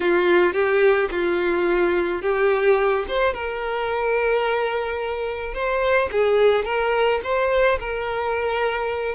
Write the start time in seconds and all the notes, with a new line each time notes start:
0.00 F4
0.53 G4
1.10 F4
2.22 G4
3.08 C5
3.33 A#4
5.54 C5
6.11 G#4
6.64 A#4
7.23 C5
7.79 A#4